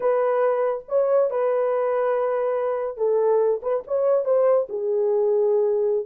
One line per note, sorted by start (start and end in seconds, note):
0.00 0.84 B4
0.88 1.30 C#5
1.30 2.97 B4
2.97 3.61 A4
3.62 3.83 B4
3.87 4.24 C#5
4.24 4.67 C5
4.69 6.05 G#4